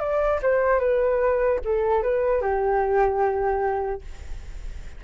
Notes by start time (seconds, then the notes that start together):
0.00 D5
0.43 C5
0.80 B4
1.65 A4
2.03 B4
2.42 G4